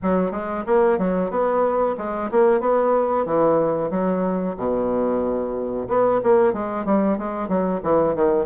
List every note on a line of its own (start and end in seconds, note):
0.02 0.31 F#3
0.31 0.63 G#3
0.66 0.98 A#3
0.98 1.30 F#3
1.30 1.95 B3
1.97 2.30 G#3
2.31 2.60 A#3
2.60 3.25 B3
3.25 3.90 E3
3.90 4.55 F#3
4.57 5.87 B2
5.88 6.20 B3
6.23 6.53 A#3
6.53 6.85 G#3
6.85 7.17 G3
7.17 7.48 G#3
7.48 7.81 F#3
7.83 8.15 E3
8.15 8.46 D#3